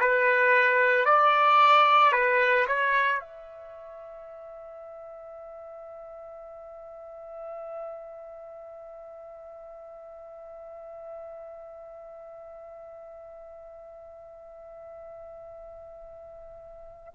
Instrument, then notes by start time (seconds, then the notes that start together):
trumpet
0.00 B4
1.05 D5
2.13 B4
2.67 C#5
3.20 E5